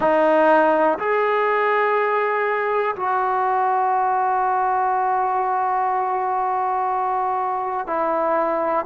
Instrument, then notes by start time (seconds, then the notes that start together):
trombone
0.00 D#4
0.98 G#4
2.96 F#4
7.86 E4